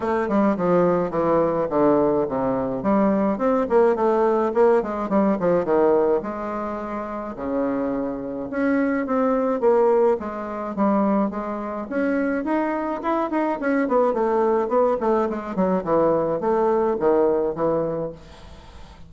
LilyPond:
\new Staff \with { instrumentName = "bassoon" } { \time 4/4 \tempo 4 = 106 a8 g8 f4 e4 d4 | c4 g4 c'8 ais8 a4 | ais8 gis8 g8 f8 dis4 gis4~ | gis4 cis2 cis'4 |
c'4 ais4 gis4 g4 | gis4 cis'4 dis'4 e'8 dis'8 | cis'8 b8 a4 b8 a8 gis8 fis8 | e4 a4 dis4 e4 | }